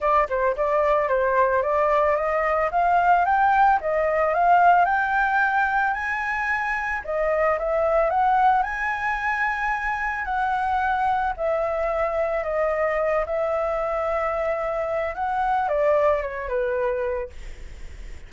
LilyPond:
\new Staff \with { instrumentName = "flute" } { \time 4/4 \tempo 4 = 111 d''8 c''8 d''4 c''4 d''4 | dis''4 f''4 g''4 dis''4 | f''4 g''2 gis''4~ | gis''4 dis''4 e''4 fis''4 |
gis''2. fis''4~ | fis''4 e''2 dis''4~ | dis''8 e''2.~ e''8 | fis''4 d''4 cis''8 b'4. | }